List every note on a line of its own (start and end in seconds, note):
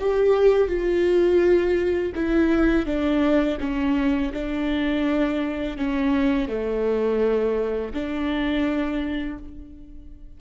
0.00 0.68 G4
0.68 2.13 F4
2.16 2.86 E4
2.86 3.58 D4
3.60 4.33 C#4
4.33 5.78 D4
5.78 6.49 C#4
6.49 7.94 A3
7.94 9.38 D4